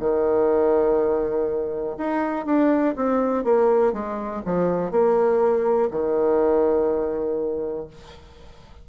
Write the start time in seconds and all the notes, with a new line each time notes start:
0.00 D#3
1.98 D#4
2.46 D4
2.96 C4
3.44 A#3
3.93 G#3
4.45 F3
4.91 A#3
5.91 D#3